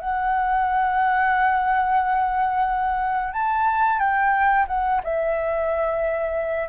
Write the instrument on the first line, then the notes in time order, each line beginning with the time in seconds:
flute
0.00 F#5
3.33 A5
3.99 G5
4.68 F#5
5.04 E5